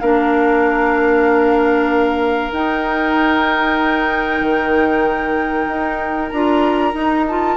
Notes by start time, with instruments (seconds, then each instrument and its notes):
0.00 bassoon A#3, clarinet D4, oboe A#4, flute F5
2.52 bassoon D#4, clarinet D#4, flute G5
4.41 bassoon D#3
5.68 bassoon D#4
6.30 bassoon D4, clarinet F4, flute A#5
6.94 clarinet D#4, bassoon D#4
7.28 clarinet F4, flute A5